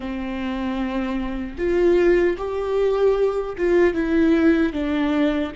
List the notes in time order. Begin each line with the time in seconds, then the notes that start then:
0.00 C4
1.58 F4
2.37 G4
3.57 F4
3.94 E4
4.73 D4